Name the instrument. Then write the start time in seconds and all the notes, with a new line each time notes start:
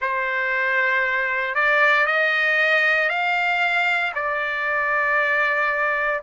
trumpet
0.01 C5
1.54 D5
2.06 D#5
3.08 F5
4.14 D5